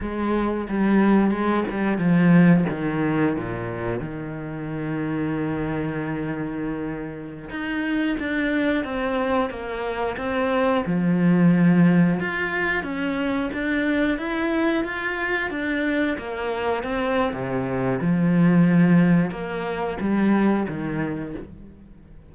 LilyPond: \new Staff \with { instrumentName = "cello" } { \time 4/4 \tempo 4 = 90 gis4 g4 gis8 g8 f4 | dis4 ais,4 dis2~ | dis2.~ dis16 dis'8.~ | dis'16 d'4 c'4 ais4 c'8.~ |
c'16 f2 f'4 cis'8.~ | cis'16 d'4 e'4 f'4 d'8.~ | d'16 ais4 c'8. c4 f4~ | f4 ais4 g4 dis4 | }